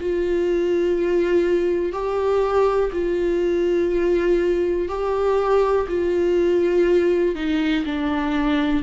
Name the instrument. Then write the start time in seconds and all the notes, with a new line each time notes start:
viola
0.00 F4
1.92 G4
2.93 F4
4.89 G4
5.89 F4
7.35 D#4
7.86 D4